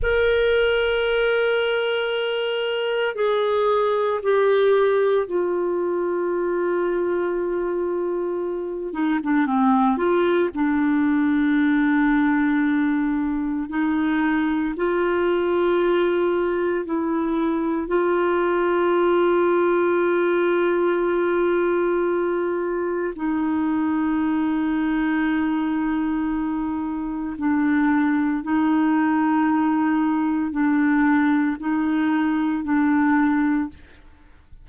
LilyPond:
\new Staff \with { instrumentName = "clarinet" } { \time 4/4 \tempo 4 = 57 ais'2. gis'4 | g'4 f'2.~ | f'8 dis'16 d'16 c'8 f'8 d'2~ | d'4 dis'4 f'2 |
e'4 f'2.~ | f'2 dis'2~ | dis'2 d'4 dis'4~ | dis'4 d'4 dis'4 d'4 | }